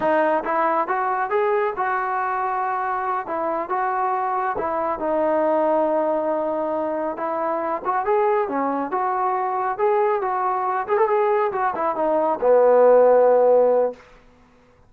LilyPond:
\new Staff \with { instrumentName = "trombone" } { \time 4/4 \tempo 4 = 138 dis'4 e'4 fis'4 gis'4 | fis'2.~ fis'8 e'8~ | e'8 fis'2 e'4 dis'8~ | dis'1~ |
dis'8 e'4. fis'8 gis'4 cis'8~ | cis'8 fis'2 gis'4 fis'8~ | fis'4 gis'16 a'16 gis'4 fis'8 e'8 dis'8~ | dis'8 b2.~ b8 | }